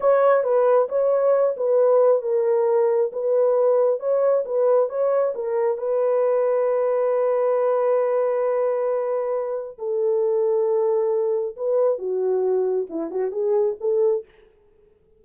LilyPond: \new Staff \with { instrumentName = "horn" } { \time 4/4 \tempo 4 = 135 cis''4 b'4 cis''4. b'8~ | b'4 ais'2 b'4~ | b'4 cis''4 b'4 cis''4 | ais'4 b'2.~ |
b'1~ | b'2 a'2~ | a'2 b'4 fis'4~ | fis'4 e'8 fis'8 gis'4 a'4 | }